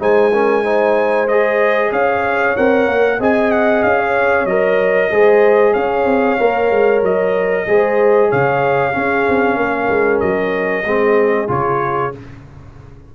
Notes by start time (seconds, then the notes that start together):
0.00 G#3 D#4 C5 G#5
0.33 C#4 A#4
0.64 D#4 C5
1.28 G#4 D#5
1.92 C#4 C#5 F5
2.57 C4 A#4 F#5
2.87 A#3
3.19 C4 G#4 D#5 G#5
3.52 F#5
3.83 C#4 F5
3.99 C#5
4.46 F#3 A#4 D#5
5.11 G#3 G#4 C5
5.73 C#4 C#5 F5
6.05 C4
6.39 A#3 A#4
6.71 G#3
7.03 F#3 D#5
7.67 G#3 G#4 C5
8.30 C#3 C#5 F5
8.92 C#4 G#4
9.28 C4
9.57 A#3 A#4
9.90 G#3
10.21 F#3 D#5
10.85 G#3 C4 G#4
11.48 C#3 F4 C#5